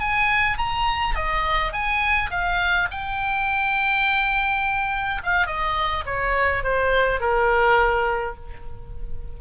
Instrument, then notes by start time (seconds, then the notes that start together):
oboe
0.00 G#5
0.58 A#5
1.15 D#5
1.73 G#5
2.31 F5
2.91 G5
5.23 F5
5.47 D#5
6.06 C#5
6.63 C5
7.20 A#4